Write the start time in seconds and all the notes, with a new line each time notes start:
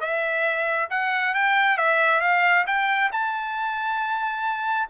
0.00 E5
0.90 F#5
1.34 G5
1.77 E5
2.20 F5
2.67 G5
3.12 A5